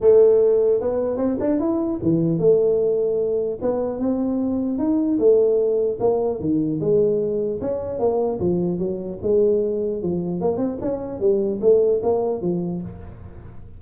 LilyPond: \new Staff \with { instrumentName = "tuba" } { \time 4/4 \tempo 4 = 150 a2 b4 c'8 d'8 | e'4 e4 a2~ | a4 b4 c'2 | dis'4 a2 ais4 |
dis4 gis2 cis'4 | ais4 f4 fis4 gis4~ | gis4 f4 ais8 c'8 cis'4 | g4 a4 ais4 f4 | }